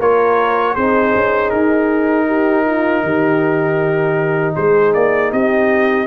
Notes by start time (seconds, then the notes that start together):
0.00 A#3 F4 A#4 C#5
0.75 C4 D#4 G#4 C5
1.16 C#4
1.50 D#4 A#4
2.27 G4
2.67 F4
3.04 D#3 G4
4.56 G#3 G#4 C5
4.94 A#3 D5
5.32 C4 G4 D#5